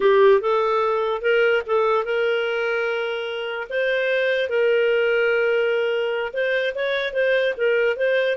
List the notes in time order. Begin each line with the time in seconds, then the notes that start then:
0.00 G4
0.40 A4
1.21 A#4
1.66 A4
2.04 A#4
3.69 C5
4.49 A#4
6.33 C5
6.75 C#5
7.13 C5
7.57 A#4
7.96 C5